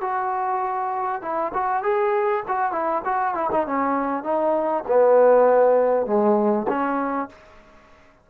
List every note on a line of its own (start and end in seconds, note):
0.00 1.21 F#4
1.21 1.52 E4
1.53 1.83 F#4
1.83 2.43 G#4
2.48 2.71 F#4
2.71 3.02 E4
3.04 3.34 F#4
3.34 3.49 E4
3.51 3.66 D#4
3.66 4.23 C#4
4.23 4.83 D#4
4.87 6.06 B3
6.06 6.66 G#3
6.68 7.28 C#4